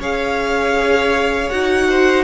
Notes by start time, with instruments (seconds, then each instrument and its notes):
0.00 cello C#4, viola G#4, violin C#5 F5
1.50 cello D#4, viola F#4, violin F#5
1.89 violin C5